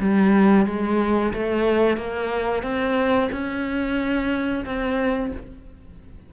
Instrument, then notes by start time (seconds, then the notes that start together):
cello
0.00 G3
0.67 G#3
1.34 A3
1.97 A#3
2.63 C4
3.32 C#4
4.66 C4